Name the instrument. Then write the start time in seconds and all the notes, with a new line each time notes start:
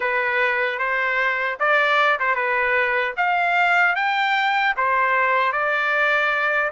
trumpet
0.00 B4
0.79 C5
1.59 D5
2.19 C5
2.35 B4
3.17 F5
3.95 G5
4.76 C5
5.52 D5